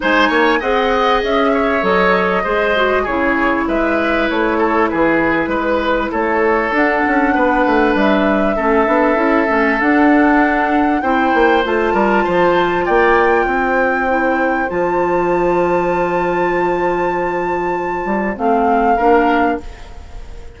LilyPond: <<
  \new Staff \with { instrumentName = "flute" } { \time 4/4 \tempo 4 = 98 gis''4 fis''4 e''4 dis''4~ | dis''4 cis''4 e''4 cis''4 | b'2 cis''4 fis''4~ | fis''4 e''2. |
fis''2 g''4 a''4~ | a''4 g''2. | a''1~ | a''2 f''2 | }
  \new Staff \with { instrumentName = "oboe" } { \time 4/4 c''8 cis''8 dis''4. cis''4. | c''4 gis'4 b'4. a'8 | gis'4 b'4 a'2 | b'2 a'2~ |
a'2 c''4. ais'8 | c''4 d''4 c''2~ | c''1~ | c''2. ais'4 | }
  \new Staff \with { instrumentName = "clarinet" } { \time 4/4 dis'4 gis'2 a'4 | gis'8 fis'8 e'2.~ | e'2. d'4~ | d'2 cis'8 d'8 e'8 cis'8 |
d'2 e'4 f'4~ | f'2. e'4 | f'1~ | f'2 c'4 d'4 | }
  \new Staff \with { instrumentName = "bassoon" } { \time 4/4 gis8 ais8 c'4 cis'4 fis4 | gis4 cis4 gis4 a4 | e4 gis4 a4 d'8 cis'8 | b8 a8 g4 a8 b8 cis'8 a8 |
d'2 c'8 ais8 a8 g8 | f4 ais4 c'2 | f1~ | f4. g8 a4 ais4 | }
>>